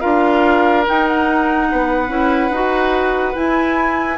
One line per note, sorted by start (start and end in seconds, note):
0.00 0.87 D4
0.00 0.84 F4
0.00 1.67 A#4
0.00 0.83 F5
0.86 2.08 D#4
0.86 1.72 D#4
0.86 1.07 G5
1.07 3.35 F#5
1.71 2.08 B3
1.71 4.18 B4
2.08 2.50 C#4
2.08 2.49 E4
2.50 3.33 D#4
2.50 3.34 F#4
3.34 4.17 E4
3.34 4.18 E4
3.34 4.18 G#5